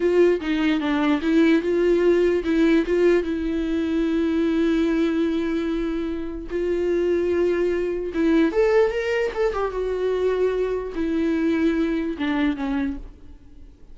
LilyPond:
\new Staff \with { instrumentName = "viola" } { \time 4/4 \tempo 4 = 148 f'4 dis'4 d'4 e'4 | f'2 e'4 f'4 | e'1~ | e'1 |
f'1 | e'4 a'4 ais'4 a'8 g'8 | fis'2. e'4~ | e'2 d'4 cis'4 | }